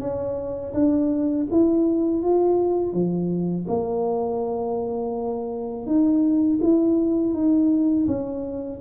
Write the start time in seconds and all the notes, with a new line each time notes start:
0.00 C#4
0.74 D4
1.51 E4
2.23 F4
2.93 F3
3.68 A#3
5.86 D#4
6.62 E4
7.33 D#4
8.07 C#4